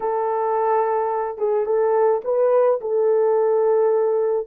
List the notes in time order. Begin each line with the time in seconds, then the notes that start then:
0.00 A4
1.38 G#4
1.65 A4
2.24 B4
2.81 A4